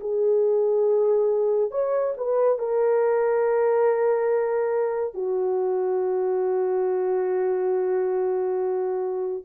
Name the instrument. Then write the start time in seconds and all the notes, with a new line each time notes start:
horn
0.00 G#4
1.71 C#5
2.17 B4
2.58 A#4
5.14 F#4